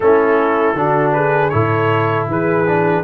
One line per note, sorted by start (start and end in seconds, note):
0.00 0.74 A3
0.00 0.75 C#4
0.00 0.78 E4
0.00 1.12 A4
0.74 1.50 D3
0.74 1.51 D4
0.74 1.15 F#4
1.12 1.53 G#4
1.12 1.49 B4
1.49 2.27 A2
1.49 2.65 E4
1.49 2.29 A4
1.49 2.25 C#5
2.27 3.03 E3
2.27 3.03 G#4
2.27 3.03 B4
2.66 3.03 D4